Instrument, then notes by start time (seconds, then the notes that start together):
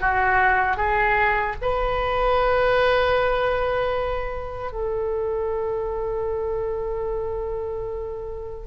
oboe
0.00 F#4
0.76 G#4
1.61 B4
4.72 A4